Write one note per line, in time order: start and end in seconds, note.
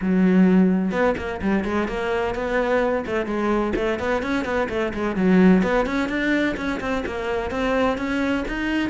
0.01 0.91 F#3
0.91 1.15 B3
1.17 1.41 A#3
1.41 1.64 G3
1.64 1.87 G#3
1.87 2.34 A#3
2.34 3.05 B3
3.06 3.26 A3
3.26 3.73 G#3
3.75 3.99 A3
3.99 4.22 B3
4.22 4.44 C#4
4.44 4.68 B3
4.69 4.92 A3
4.93 5.16 G#3
5.16 5.62 F#3
5.62 5.86 B3
5.86 6.09 C#4
6.09 6.55 D4
6.56 6.80 C#4
6.80 7.04 C4
7.06 7.50 A#3
7.50 7.97 C4
7.97 8.44 C#4
8.48 8.89 D#4